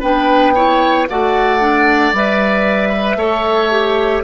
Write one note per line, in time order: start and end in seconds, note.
0.00 1.08 B3
0.00 0.55 D4
0.00 0.53 B4
0.00 1.07 G5
0.55 1.08 E4
0.55 1.07 C#5
1.09 2.13 A3
1.09 1.60 F#4
1.09 2.89 D5
1.09 2.14 F#5
1.60 2.12 D4
2.13 3.16 G3
2.13 3.19 B4
2.13 4.24 E5
2.89 3.16 B4
3.16 4.21 A3
3.16 3.71 A4
3.16 4.23 C#5
3.71 4.23 G4